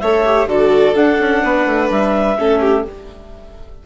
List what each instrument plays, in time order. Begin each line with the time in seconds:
0.00 bassoon A3, viola A4, violin C#5, clarinet E5
0.25 viola G4
0.46 bassoon D3, viola F#4, violin A4, clarinet D5
0.94 viola D4, bassoon D4, clarinet F#5
1.19 bassoon C#4
1.43 bassoon B3, violin B4
1.66 bassoon A3
1.90 bassoon G3, clarinet E5
2.38 bassoon A3, viola C#4, violin A4
2.61 violin G4